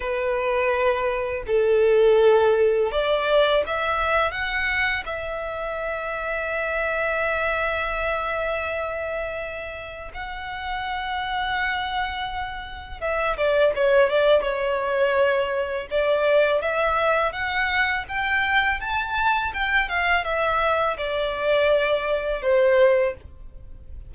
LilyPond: \new Staff \with { instrumentName = "violin" } { \time 4/4 \tempo 4 = 83 b'2 a'2 | d''4 e''4 fis''4 e''4~ | e''1~ | e''2 fis''2~ |
fis''2 e''8 d''8 cis''8 d''8 | cis''2 d''4 e''4 | fis''4 g''4 a''4 g''8 f''8 | e''4 d''2 c''4 | }